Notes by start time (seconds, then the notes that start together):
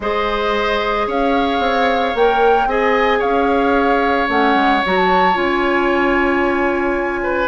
0.00 G#3 G#4 C5 D#5
1.07 C#4 C#5 F5
1.59 C4
2.14 A#3 A#4 G5
2.66 C4 G#4 D#5 G#5
3.18 C#4 C#5 F5
4.28 A3 C#4 F#5
4.54 G#3
4.85 F#3 F#4 A#5
4.97 A5
5.33 C#4 F4 G#5
7.23 B4